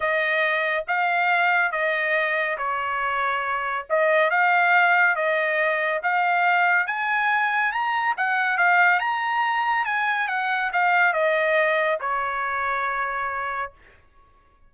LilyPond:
\new Staff \with { instrumentName = "trumpet" } { \time 4/4 \tempo 4 = 140 dis''2 f''2 | dis''2 cis''2~ | cis''4 dis''4 f''2 | dis''2 f''2 |
gis''2 ais''4 fis''4 | f''4 ais''2 gis''4 | fis''4 f''4 dis''2 | cis''1 | }